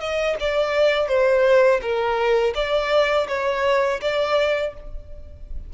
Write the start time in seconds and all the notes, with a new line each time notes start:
0.00 D#5
0.40 D5
1.08 C5
1.82 A#4
2.55 D5
3.28 C#5
4.01 D5